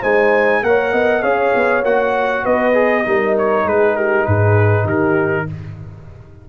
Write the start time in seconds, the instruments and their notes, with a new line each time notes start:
0.00 tuba G#3, trombone D#4, horn C5, trumpet G#5
0.62 tuba A#3, trombone A#4, horn C#5, trumpet F#5
0.92 tuba B3, horn D#5
1.22 tuba C#4, trombone G#4, horn C#5, trumpet F5
1.54 tuba B3
1.83 tuba A#3, trombone F#4, trumpet F#5
2.43 tuba B3, horn B4, trumpet D#5
2.73 trombone G#4
3.04 tuba G3, trombone D#4, horn A#4
3.38 trumpet C#5
3.65 tuba G#3, horn G#4, trumpet B4
3.96 horn G4, trumpet A#4
4.25 tuba G#2, horn G#4, trumpet B4
4.84 tuba D#3, horn G4, trumpet A#4